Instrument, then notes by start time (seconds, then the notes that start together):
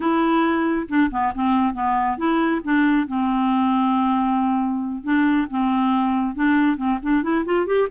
clarinet
0.00 E4
0.88 D4
1.10 B3
1.35 C4
1.73 B3
2.17 E4
2.64 D4
3.07 C4
5.03 D4
5.50 C4
6.35 D4
6.77 C4
7.02 D4
7.22 E4
7.45 F4
7.66 G4